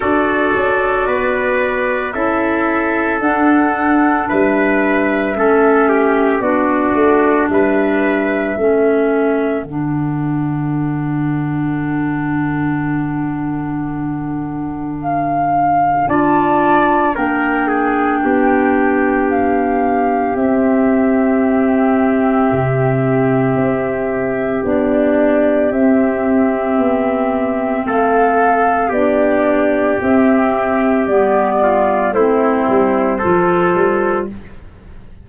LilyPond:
<<
  \new Staff \with { instrumentName = "flute" } { \time 4/4 \tempo 4 = 56 d''2 e''4 fis''4 | e''2 d''4 e''4~ | e''4 fis''2.~ | fis''2 f''4 a''4 |
g''2 f''4 e''4~ | e''2. d''4 | e''2 f''4 d''4 | e''4 d''4 c''2 | }
  \new Staff \with { instrumentName = "trumpet" } { \time 4/4 a'4 b'4 a'2 | b'4 a'8 g'8 fis'4 b'4 | a'1~ | a'2. d''4 |
ais'8 gis'8 g'2.~ | g'1~ | g'2 a'4 g'4~ | g'4. f'8 e'4 a'4 | }
  \new Staff \with { instrumentName = "clarinet" } { \time 4/4 fis'2 e'4 d'4~ | d'4 cis'4 d'2 | cis'4 d'2.~ | d'2. f'4 |
d'2. c'4~ | c'2. d'4 | c'2. d'4 | c'4 b4 c'4 f'4 | }
  \new Staff \with { instrumentName = "tuba" } { \time 4/4 d'8 cis'8 b4 cis'4 d'4 | g4 a4 b8 a8 g4 | a4 d2.~ | d2. d'4 |
ais4 b2 c'4~ | c'4 c4 c'4 b4 | c'4 b4 a4 b4 | c'4 g4 a8 g8 f8 g8 | }
>>